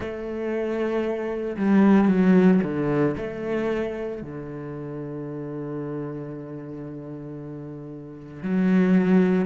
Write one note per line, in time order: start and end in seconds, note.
0.00 1.56 A3
1.56 2.08 G3
2.08 2.60 F#3
2.63 3.15 D3
3.17 4.22 A3
4.22 8.42 D3
8.42 9.45 F#3